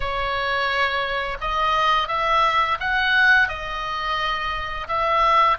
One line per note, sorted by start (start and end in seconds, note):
0.00 1.37 C#5
1.40 2.08 D#5
2.08 2.77 E5
2.79 3.48 F#5
3.48 4.87 D#5
4.87 5.57 E5